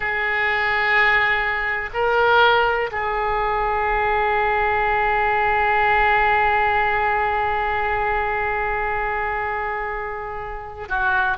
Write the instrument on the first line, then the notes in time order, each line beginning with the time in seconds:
oboe
0.00 G#4
1.93 A#4
2.91 G#4
10.88 F#4